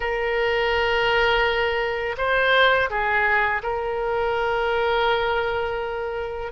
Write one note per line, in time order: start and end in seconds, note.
0.00 2.16 A#4
2.17 2.89 C5
2.89 3.62 G#4
3.62 6.52 A#4